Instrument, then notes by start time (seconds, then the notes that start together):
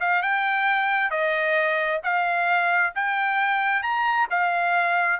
trumpet
0.00 F5
0.22 G5
1.10 D#5
2.03 F5
2.95 G5
3.82 A#5
4.30 F5